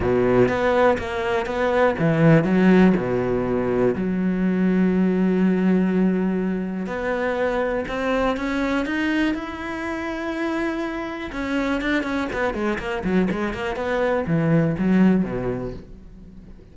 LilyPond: \new Staff \with { instrumentName = "cello" } { \time 4/4 \tempo 4 = 122 b,4 b4 ais4 b4 | e4 fis4 b,2 | fis1~ | fis2 b2 |
c'4 cis'4 dis'4 e'4~ | e'2. cis'4 | d'8 cis'8 b8 gis8 ais8 fis8 gis8 ais8 | b4 e4 fis4 b,4 | }